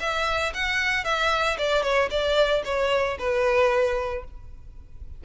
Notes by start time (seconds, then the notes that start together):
0.00 E5
0.54 F#5
1.04 E5
1.58 D5
1.83 C#5
2.10 D5
2.65 C#5
3.19 B4